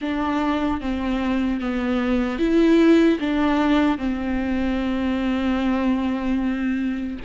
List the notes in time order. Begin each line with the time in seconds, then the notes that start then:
0.01 D4
0.80 C4
1.60 B3
2.38 E4
3.19 D4
3.97 C4